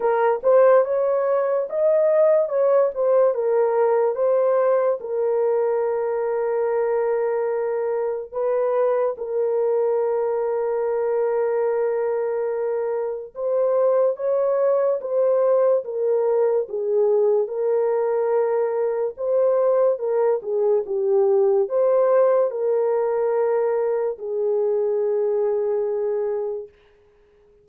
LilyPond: \new Staff \with { instrumentName = "horn" } { \time 4/4 \tempo 4 = 72 ais'8 c''8 cis''4 dis''4 cis''8 c''8 | ais'4 c''4 ais'2~ | ais'2 b'4 ais'4~ | ais'1 |
c''4 cis''4 c''4 ais'4 | gis'4 ais'2 c''4 | ais'8 gis'8 g'4 c''4 ais'4~ | ais'4 gis'2. | }